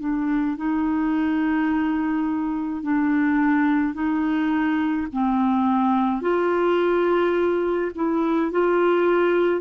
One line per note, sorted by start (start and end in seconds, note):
0.00 0.57 D4
0.57 2.83 D#4
2.83 3.94 D4
3.94 5.07 D#4
5.13 6.22 C4
6.22 7.91 F4
7.95 8.51 E4
8.51 9.61 F4